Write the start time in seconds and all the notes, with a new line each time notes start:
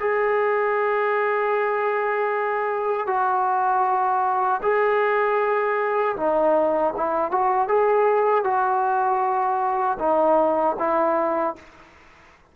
0.00 G#4
3.07 F#4
4.62 G#4
6.16 D#4
6.96 E4
7.31 F#4
7.68 G#4
8.44 F#4
9.99 D#4
10.79 E4